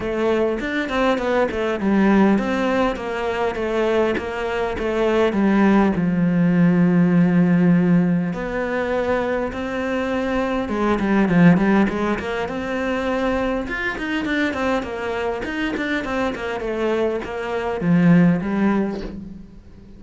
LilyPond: \new Staff \with { instrumentName = "cello" } { \time 4/4 \tempo 4 = 101 a4 d'8 c'8 b8 a8 g4 | c'4 ais4 a4 ais4 | a4 g4 f2~ | f2 b2 |
c'2 gis8 g8 f8 g8 | gis8 ais8 c'2 f'8 dis'8 | d'8 c'8 ais4 dis'8 d'8 c'8 ais8 | a4 ais4 f4 g4 | }